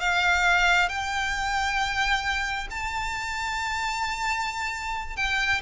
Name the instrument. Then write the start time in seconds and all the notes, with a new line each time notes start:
violin
0.00 F5
0.89 G5
2.71 A5
5.17 G5